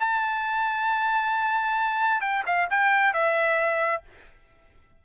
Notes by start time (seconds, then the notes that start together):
0.00 A5
2.21 G5
2.46 F5
2.70 G5
3.13 E5